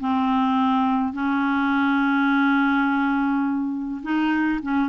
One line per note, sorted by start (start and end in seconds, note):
0.00 1.13 C4
1.13 4.01 C#4
4.03 4.60 D#4
4.62 4.89 C#4